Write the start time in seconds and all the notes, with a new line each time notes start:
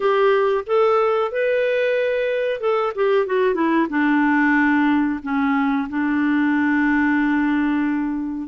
0.00 G4
0.66 A4
1.31 B4
2.60 A4
2.95 G4
3.26 F#4
3.54 E4
3.89 D4
5.23 C#4
5.89 D4